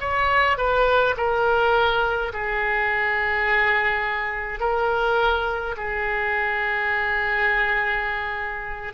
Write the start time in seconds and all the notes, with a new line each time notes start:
0.00 C#5
0.57 B4
1.16 A#4
2.33 G#4
4.59 A#4
5.76 G#4